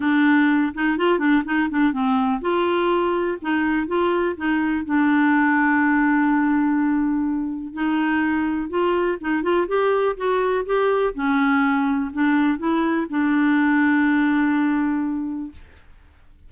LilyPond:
\new Staff \with { instrumentName = "clarinet" } { \time 4/4 \tempo 4 = 124 d'4. dis'8 f'8 d'8 dis'8 d'8 | c'4 f'2 dis'4 | f'4 dis'4 d'2~ | d'1 |
dis'2 f'4 dis'8 f'8 | g'4 fis'4 g'4 cis'4~ | cis'4 d'4 e'4 d'4~ | d'1 | }